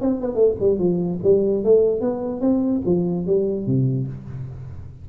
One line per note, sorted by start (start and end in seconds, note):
0.00 0.20 C4
0.20 0.35 B3
0.35 0.55 A3
0.60 0.78 G3
0.78 1.19 F3
1.23 1.64 G3
1.64 2.01 A3
2.01 2.40 B3
2.40 2.81 C4
2.85 3.26 F3
3.26 3.66 G3
3.66 4.07 C3